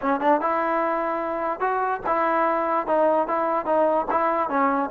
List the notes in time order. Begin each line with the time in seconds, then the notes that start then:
0.01 C#4
0.20 D4
0.40 E4
1.60 F#4
2.06 E4
2.86 D#4
3.27 E4
3.65 D#4
4.10 E4
4.49 C#4